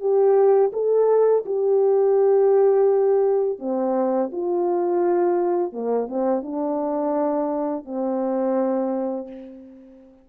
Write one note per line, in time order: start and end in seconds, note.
0.00 0.71 G4
0.73 1.44 A4
1.46 3.59 G4
3.59 4.31 C4
4.32 5.72 F4
5.72 6.08 A#3
6.08 6.43 C4
6.43 7.85 D4
7.85 9.28 C4